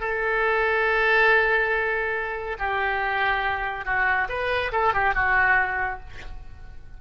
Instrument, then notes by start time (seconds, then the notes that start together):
oboe
0.00 A4
2.59 G4
3.85 F#4
4.29 B4
4.72 A4
4.94 G4
5.14 F#4